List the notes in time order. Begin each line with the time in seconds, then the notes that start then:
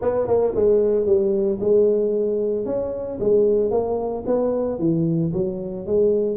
0.01 B3
0.27 A#3
0.55 G#3
1.06 G3
1.60 G#3
2.65 C#4
3.20 G#3
3.70 A#3
4.26 B3
4.79 E3
5.33 F#3
5.86 G#3